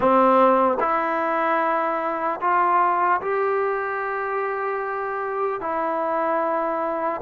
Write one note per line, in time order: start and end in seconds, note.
0.00 0.77 C4
0.80 2.40 E4
2.40 3.20 F4
3.21 5.60 G4
5.60 7.20 E4